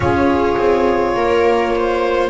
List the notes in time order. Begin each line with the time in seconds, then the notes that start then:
0.00 C#4 F4 G#4 C#5
0.57 C4
1.15 A#3 A#4
1.75 C5